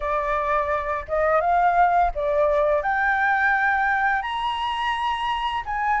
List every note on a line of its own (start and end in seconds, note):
0.00 1.05 D5
1.08 1.40 D#5
1.40 2.11 F5
2.14 2.82 D5
2.82 4.22 G5
4.22 5.63 A#5
5.65 6.00 G#5